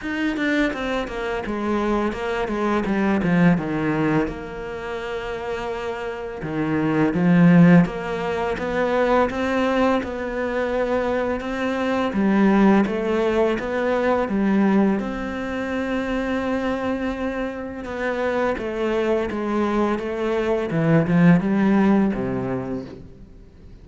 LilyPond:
\new Staff \with { instrumentName = "cello" } { \time 4/4 \tempo 4 = 84 dis'8 d'8 c'8 ais8 gis4 ais8 gis8 | g8 f8 dis4 ais2~ | ais4 dis4 f4 ais4 | b4 c'4 b2 |
c'4 g4 a4 b4 | g4 c'2.~ | c'4 b4 a4 gis4 | a4 e8 f8 g4 c4 | }